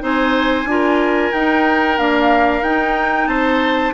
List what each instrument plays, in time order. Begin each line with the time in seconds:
0.00 bassoon C4, clarinet D#4, oboe C5, flute G#5
0.66 bassoon D4, clarinet F4, oboe A#4
1.33 bassoon D#4, clarinet D#4, flute G5
1.99 clarinet A#3, bassoon D4, flute F5
2.63 bassoon D#4, clarinet D#4, flute G5
3.28 bassoon C4, oboe C5, flute A5